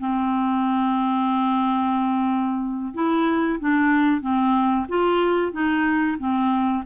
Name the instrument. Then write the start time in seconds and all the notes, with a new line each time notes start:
clarinet
0.00 C4
2.94 E4
3.60 D4
4.21 C4
4.89 F4
5.52 D#4
6.19 C4